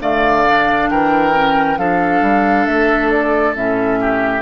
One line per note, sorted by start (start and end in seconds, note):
0.00 0.88 D3
0.00 0.44 A3
0.00 0.90 D5
0.00 0.90 F5
0.47 1.34 D4
0.90 1.78 E3
0.90 1.79 A#4
0.90 1.78 G5
1.34 1.78 C#4
1.78 2.22 F3
1.78 3.55 D4
1.78 4.00 A4
1.78 2.66 F5
2.22 2.66 G3
2.66 3.55 A3
2.66 3.10 E5
3.11 3.55 D5
3.55 4.42 A2
3.55 4.42 C#4
3.55 4.42 E5
4.01 4.42 G4